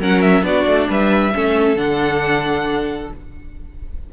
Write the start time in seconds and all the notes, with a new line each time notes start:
0.00 F#3 C#4 A#4 F#5
0.21 E5
0.42 B3 D4 F#4 D5
0.66 A3
0.89 G3 B4 E5
1.34 A3 C#4 A4
1.76 D3 D4 F#5